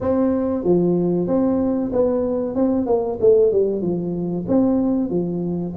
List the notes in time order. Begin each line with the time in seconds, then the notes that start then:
0.00 C4
0.64 F3
1.27 C4
1.92 B3
2.55 C4
2.86 A#3
3.20 A3
3.52 G3
3.81 F3
4.48 C4
5.09 F3